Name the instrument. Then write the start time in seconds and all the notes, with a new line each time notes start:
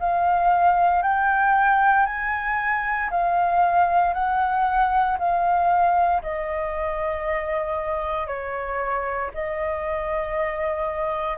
flute
0.00 F5
1.03 G5
2.06 G#5
3.11 F5
4.14 F#5
5.19 F5
6.23 D#5
8.28 C#5
9.34 D#5